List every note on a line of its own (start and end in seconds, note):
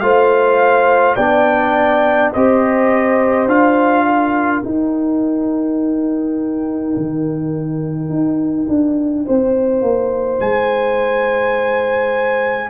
0.00 1.17 A3
0.00 1.18 F4
0.00 1.16 C5
0.00 1.15 F5
1.16 2.32 B3
1.16 2.35 D4
1.16 2.31 D5
1.16 2.31 G5
2.33 3.47 C4
2.33 3.49 G4
2.33 4.06 C5
2.33 3.49 D#5
3.47 4.62 D4
3.47 4.64 F4
3.47 4.64 F5
4.06 9.25 A#4
4.64 12.70 D#4
4.64 6.96 D#4
4.64 10.40 G5
6.97 8.10 D#3
8.10 8.67 D#4
8.69 9.26 D4
9.25 9.82 C4
9.25 12.70 C5
9.82 10.40 A#3
10.40 12.70 G#3
10.40 12.70 G#5